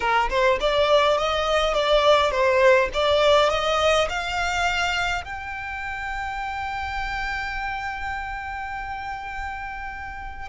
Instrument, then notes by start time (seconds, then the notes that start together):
violin
0.00 A#4
0.29 C5
0.60 D5
1.17 D#5
1.73 D5
2.31 C5
2.93 D5
3.50 D#5
4.09 F5
5.24 G5